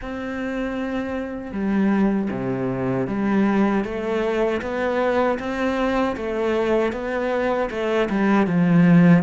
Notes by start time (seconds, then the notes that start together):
0.01 C4
1.51 G3
2.30 C3
3.07 G3
3.84 A3
4.61 B3
5.39 C4
6.16 A3
6.92 B3
7.70 A3
8.09 G3
8.47 F3